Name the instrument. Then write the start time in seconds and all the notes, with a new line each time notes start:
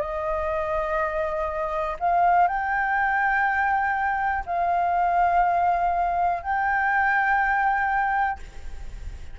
flute
0.00 D#5
1.99 F5
2.48 G5
4.46 F5
6.42 G5